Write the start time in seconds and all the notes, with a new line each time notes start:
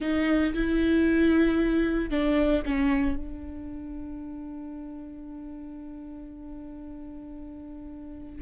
0.00 D#4
0.54 E4
2.10 D4
2.65 C#4
3.16 D4